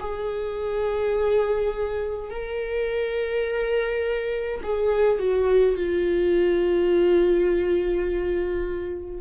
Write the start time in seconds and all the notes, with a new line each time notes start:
0.00 G#4
2.31 A#4
4.64 G#4
5.19 F#4
5.77 F4